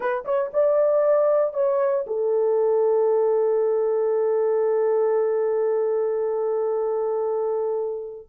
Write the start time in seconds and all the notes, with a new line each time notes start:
0.00 B4
0.24 C#5
0.53 D5
1.53 C#5
2.06 A4